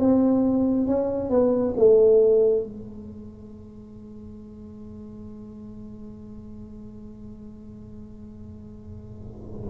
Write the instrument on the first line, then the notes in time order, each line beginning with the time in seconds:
tuba
0.00 C4
0.87 C#4
1.30 B3
1.77 A3
2.64 G#3